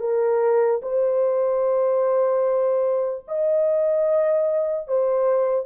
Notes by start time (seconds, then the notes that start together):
0.00 A#4
0.82 C5
3.28 D#5
4.88 C5